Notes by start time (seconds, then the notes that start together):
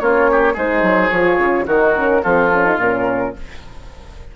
0.00 A#3 C#4 F4 C#5
0.31 G4
0.54 G#3 D#4 G#4 C5
0.82 F#3
1.10 F3 F4 C#5
1.38 C#3
1.66 D#3 D#4 F#4 A#4
1.96 C#4
2.23 F3 C4 F4 A4
2.54 C#4
2.65 D#4
2.78 A#2 C#4 A#4